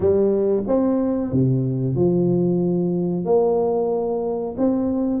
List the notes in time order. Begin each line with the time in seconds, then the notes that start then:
0.00 G3
0.67 C4
1.32 C3
1.95 F3
3.25 A#3
4.57 C4